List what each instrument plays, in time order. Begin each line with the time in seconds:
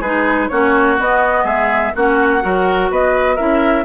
0.00 bassoon G#3, clarinet D#4, oboe G#4, flute B4
0.49 bassoon A#3, clarinet C#4, oboe F#4, flute C#5
0.98 clarinet B3, bassoon B3, flute D#5
1.44 bassoon G#3, oboe G#4, flute E5
1.95 bassoon A#3, clarinet C#4, oboe F#4, flute F#5
2.41 bassoon F#3, clarinet F#4, oboe A#4
2.90 bassoon B3, oboe B4, flute D#5
3.36 bassoon C#4, clarinet E4, oboe A#4, flute E5